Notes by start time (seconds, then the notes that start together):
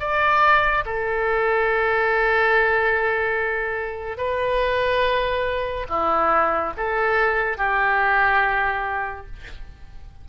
0.00 D5
0.86 A4
4.18 B4
5.90 E4
6.77 A4
7.57 G4